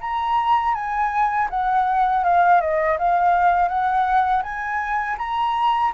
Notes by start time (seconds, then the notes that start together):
0.00 A#5
0.74 G#5
1.49 F#5
2.24 F5
2.60 D#5
2.98 F5
3.68 F#5
4.43 G#5
5.18 A#5